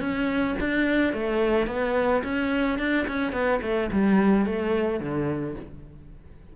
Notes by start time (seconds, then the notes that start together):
0.00 C#4
0.60 D4
1.13 A3
1.67 B3
2.24 C#4
2.79 D4
3.08 C#4
3.33 B3
3.62 A3
3.92 G3
4.46 A3
5.00 D3